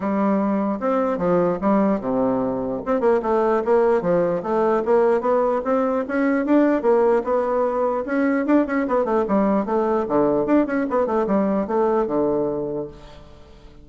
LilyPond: \new Staff \with { instrumentName = "bassoon" } { \time 4/4 \tempo 4 = 149 g2 c'4 f4 | g4 c2 c'8 ais8 | a4 ais4 f4 a4 | ais4 b4 c'4 cis'4 |
d'4 ais4 b2 | cis'4 d'8 cis'8 b8 a8 g4 | a4 d4 d'8 cis'8 b8 a8 | g4 a4 d2 | }